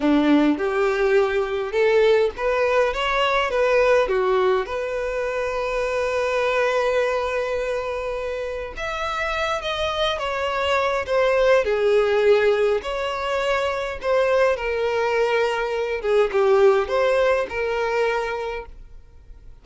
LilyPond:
\new Staff \with { instrumentName = "violin" } { \time 4/4 \tempo 4 = 103 d'4 g'2 a'4 | b'4 cis''4 b'4 fis'4 | b'1~ | b'2. e''4~ |
e''8 dis''4 cis''4. c''4 | gis'2 cis''2 | c''4 ais'2~ ais'8 gis'8 | g'4 c''4 ais'2 | }